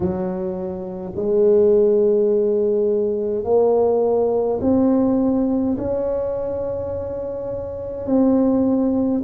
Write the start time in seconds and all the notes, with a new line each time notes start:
0.00 F#3
1.15 G#3
3.44 A#3
4.61 C4
5.77 C#4
8.06 C4